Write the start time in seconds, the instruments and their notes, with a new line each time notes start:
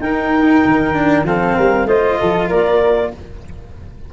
0.00 tuba D#4, cello D#4, flute A#4, clarinet G5
0.65 tuba D#3
0.93 cello D4
1.23 tuba F3, cello C4, flute A4, clarinet F5
1.56 tuba G3, flute A#4
1.85 tuba A3, cello F4, flute C5, clarinet D#5
2.19 tuba F3, flute A4
2.48 tuba A#3, flute A#4, clarinet D5